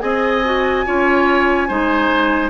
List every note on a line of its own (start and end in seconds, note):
0.00 0.86 C4
0.00 0.42 G#4
0.00 0.86 D#5
0.00 2.50 G#5
0.45 0.86 F#4
0.86 1.70 C#4
0.86 1.68 F4
0.86 1.68 C#5
1.68 2.50 G#3
1.68 2.50 D#4
1.68 2.50 C5